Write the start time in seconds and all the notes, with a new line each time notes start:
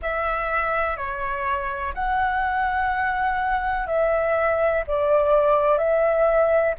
0.02 E5
0.96 C#5
1.94 F#5
3.87 E5
4.87 D5
5.78 E5